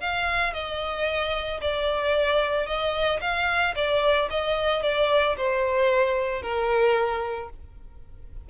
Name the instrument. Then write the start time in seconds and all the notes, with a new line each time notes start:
violin
0.00 F5
0.53 D#5
1.61 D5
2.66 D#5
3.21 F5
3.75 D5
4.30 D#5
4.82 D5
5.36 C5
6.42 A#4